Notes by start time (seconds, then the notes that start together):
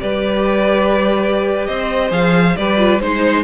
0.00 G3 G4 B4 D5
1.66 C4 C5 D#5
2.10 F3 G#4 F5
2.57 G3 G4 B4 D5
2.78 F4
3.00 G#3 D#4 C5